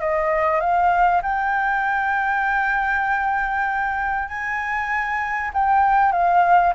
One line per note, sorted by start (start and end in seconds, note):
0.00 0.60 D#5
0.60 1.22 F5
1.22 4.28 G5
4.28 5.51 G#5
5.54 6.12 G5
6.12 6.73 F5